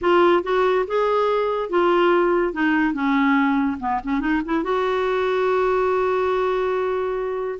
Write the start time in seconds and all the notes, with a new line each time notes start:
0.01 F4
0.43 F#4
0.87 G#4
1.69 F4
2.53 D#4
2.93 C#4
3.79 B3
4.03 C#4
4.20 D#4
4.45 E4
4.63 F#4